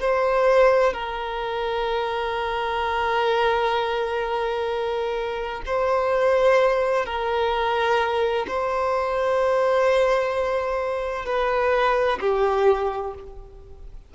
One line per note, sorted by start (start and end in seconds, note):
0.00 0.93 C5
0.93 5.62 A#4
5.66 7.05 C5
7.05 8.46 A#4
8.48 11.25 C5
11.25 12.19 B4
12.20 13.14 G4